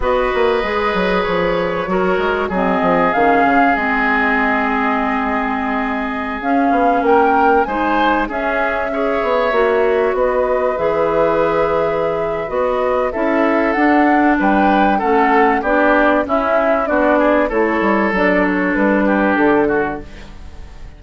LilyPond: <<
  \new Staff \with { instrumentName = "flute" } { \time 4/4 \tempo 4 = 96 dis''2 cis''2 | dis''4 f''4 dis''2~ | dis''2~ dis''16 f''4 g''8.~ | g''16 gis''4 e''2~ e''8.~ |
e''16 dis''4 e''2~ e''8. | dis''4 e''4 fis''4 g''4 | fis''4 d''4 e''4 d''4 | cis''4 d''8 cis''8 b'4 a'4 | }
  \new Staff \with { instrumentName = "oboe" } { \time 4/4 b'2. ais'4 | gis'1~ | gis'2.~ gis'16 ais'8.~ | ais'16 c''4 gis'4 cis''4.~ cis''16~ |
cis''16 b'2.~ b'8.~ | b'4 a'2 b'4 | a'4 g'4 e'4 fis'8 gis'8 | a'2~ a'8 g'4 fis'8 | }
  \new Staff \with { instrumentName = "clarinet" } { \time 4/4 fis'4 gis'2 fis'4 | c'4 cis'4 c'2~ | c'2~ c'16 cis'4.~ cis'16~ | cis'16 dis'4 cis'4 gis'4 fis'8.~ |
fis'4~ fis'16 gis'2~ gis'8. | fis'4 e'4 d'2 | cis'4 d'4 cis'4 d'4 | e'4 d'2. | }
  \new Staff \with { instrumentName = "bassoon" } { \time 4/4 b8 ais8 gis8 fis8 f4 fis8 gis8 | fis8 f8 dis8 cis8 gis2~ | gis2~ gis16 cis'8 b8 ais8.~ | ais16 gis4 cis'4. b8 ais8.~ |
ais16 b4 e2~ e8. | b4 cis'4 d'4 g4 | a4 b4 cis'4 b4 | a8 g8 fis4 g4 d4 | }
>>